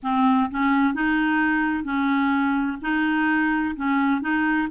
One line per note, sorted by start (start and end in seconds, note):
0.03 0.49 C4
0.51 0.94 C#4
0.94 1.84 D#4
1.84 2.77 C#4
2.81 3.75 D#4
3.76 4.21 C#4
4.21 4.67 D#4